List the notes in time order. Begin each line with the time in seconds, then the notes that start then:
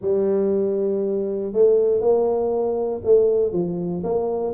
0.01 G3
1.52 A3
2.00 A#3
3.04 A3
3.52 F3
4.03 A#3